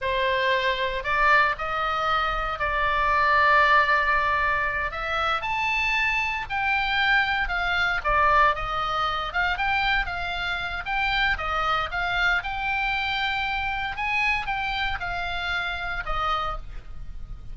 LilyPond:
\new Staff \with { instrumentName = "oboe" } { \time 4/4 \tempo 4 = 116 c''2 d''4 dis''4~ | dis''4 d''2.~ | d''4. e''4 a''4.~ | a''8 g''2 f''4 d''8~ |
d''8 dis''4. f''8 g''4 f''8~ | f''4 g''4 dis''4 f''4 | g''2. gis''4 | g''4 f''2 dis''4 | }